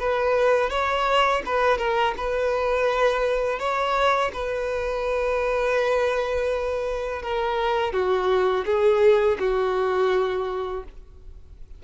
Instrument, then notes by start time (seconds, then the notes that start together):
violin
0.00 B4
0.70 C#5
1.46 B4
1.78 A#4
2.18 B4
3.59 C#5
4.33 B4
7.23 A#4
7.93 F#4
8.66 G#4
9.39 F#4